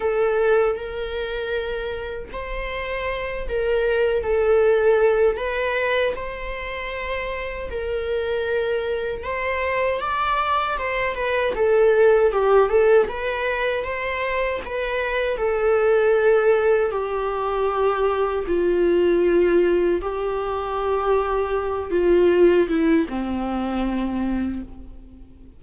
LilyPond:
\new Staff \with { instrumentName = "viola" } { \time 4/4 \tempo 4 = 78 a'4 ais'2 c''4~ | c''8 ais'4 a'4. b'4 | c''2 ais'2 | c''4 d''4 c''8 b'8 a'4 |
g'8 a'8 b'4 c''4 b'4 | a'2 g'2 | f'2 g'2~ | g'8 f'4 e'8 c'2 | }